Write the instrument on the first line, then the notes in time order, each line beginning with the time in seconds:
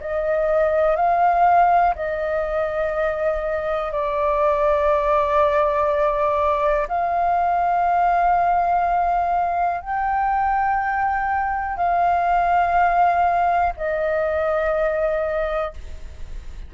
flute
0.00 D#5
0.96 F5
1.94 D#5
3.92 D5
6.88 F5
9.81 G5
11.76 F5
13.77 D#5